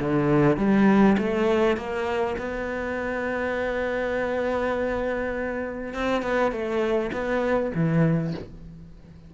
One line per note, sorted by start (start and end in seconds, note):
0.00 0.58 D3
0.58 1.17 G3
1.18 1.77 A3
1.77 2.37 A#3
2.38 5.94 B3
5.94 6.23 C4
6.23 6.52 B3
6.52 7.12 A3
7.13 7.73 B3
7.75 8.34 E3